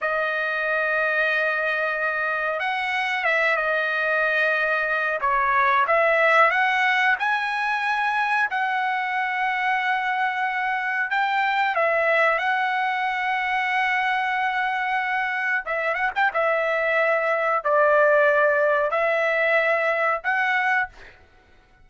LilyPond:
\new Staff \with { instrumentName = "trumpet" } { \time 4/4 \tempo 4 = 92 dis''1 | fis''4 e''8 dis''2~ dis''8 | cis''4 e''4 fis''4 gis''4~ | gis''4 fis''2.~ |
fis''4 g''4 e''4 fis''4~ | fis''1 | e''8 fis''16 g''16 e''2 d''4~ | d''4 e''2 fis''4 | }